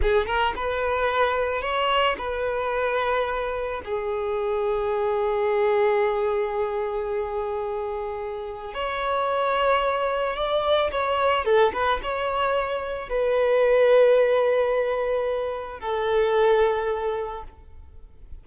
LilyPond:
\new Staff \with { instrumentName = "violin" } { \time 4/4 \tempo 4 = 110 gis'8 ais'8 b'2 cis''4 | b'2. gis'4~ | gis'1~ | gis'1 |
cis''2. d''4 | cis''4 a'8 b'8 cis''2 | b'1~ | b'4 a'2. | }